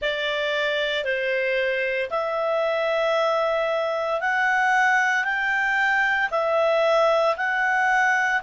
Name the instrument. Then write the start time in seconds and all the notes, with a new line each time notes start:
clarinet
0.01 D5
1.04 C5
2.10 E5
4.21 F#5
5.24 G5
6.30 E5
7.36 F#5